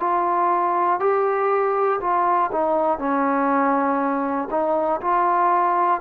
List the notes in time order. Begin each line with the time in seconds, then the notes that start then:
0.00 F4
1.00 G4
2.01 F4
2.52 D#4
2.99 C#4
4.51 D#4
5.02 F4